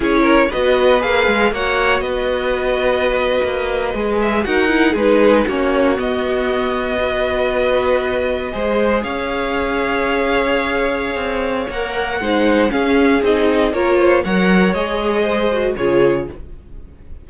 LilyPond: <<
  \new Staff \with { instrumentName = "violin" } { \time 4/4 \tempo 4 = 118 cis''4 dis''4 f''4 fis''4 | dis''1~ | dis''16 e''8 fis''4 b'4 cis''4 dis''16~ | dis''1~ |
dis''4.~ dis''16 f''2~ f''16~ | f''2. fis''4~ | fis''4 f''4 dis''4 cis''4 | fis''4 dis''2 cis''4 | }
  \new Staff \with { instrumentName = "violin" } { \time 4/4 gis'8 ais'8 b'2 cis''4 | b'1~ | b'8. ais'4 gis'4 fis'4~ fis'16~ | fis'4.~ fis'16 b'2~ b'16~ |
b'8. c''4 cis''2~ cis''16~ | cis''1 | c''4 gis'2 ais'8 c''8 | cis''2 c''4 gis'4 | }
  \new Staff \with { instrumentName = "viola" } { \time 4/4 e'4 fis'4 gis'4 fis'4~ | fis'2.~ fis'8. gis'16~ | gis'8. fis'8 e'8 dis'4 cis'4 b16~ | b4.~ b16 fis'2~ fis'16~ |
fis'8. gis'2.~ gis'16~ | gis'2. ais'4 | dis'4 cis'4 dis'4 f'4 | ais'4 gis'4. fis'8 f'4 | }
  \new Staff \with { instrumentName = "cello" } { \time 4/4 cis'4 b4 ais8 gis8 ais4 | b2~ b8. ais4 gis16~ | gis8. dis'4 gis4 ais4 b16~ | b1~ |
b8. gis4 cis'2~ cis'16~ | cis'2 c'4 ais4 | gis4 cis'4 c'4 ais4 | fis4 gis2 cis4 | }
>>